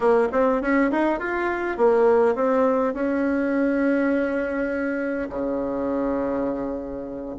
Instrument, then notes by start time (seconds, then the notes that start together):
bassoon
0.00 A#3
0.32 C4
0.61 C#4
0.91 D#4
1.19 F4
1.77 A#3
2.35 C4
2.94 C#4
5.29 C#3